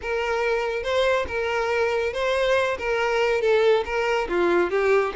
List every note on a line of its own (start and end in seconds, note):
0.01 0.83 A#4
0.83 1.26 C5
1.27 2.13 A#4
2.13 2.77 C5
2.78 3.41 A#4
3.41 3.84 A4
3.85 4.28 A#4
4.29 4.70 F4
4.70 5.13 G4